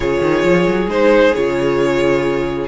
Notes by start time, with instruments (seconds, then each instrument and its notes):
0.00 cello C#3, viola F4, violin G#4 C#5
0.21 cello D#3
0.44 cello F3
0.67 cello F#3
0.86 cello G#3, viola D#4, violin C5
1.34 cello C#3, viola F4, violin C#5